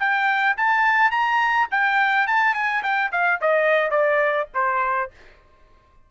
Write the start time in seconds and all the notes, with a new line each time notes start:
0.00 G5
0.57 A5
1.11 A#5
1.71 G5
2.27 A5
2.55 G#5
2.83 G5
3.12 F5
3.41 D#5
3.91 D5
4.55 C5